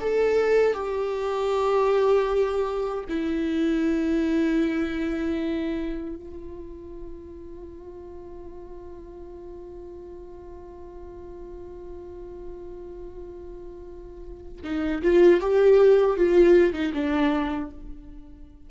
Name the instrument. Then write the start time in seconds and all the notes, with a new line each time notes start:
viola
0.00 A4
0.73 G4
3.08 E4
6.15 F4
14.63 D#4
15.02 F4
15.40 G4
16.16 F4
16.73 D#4
16.93 D4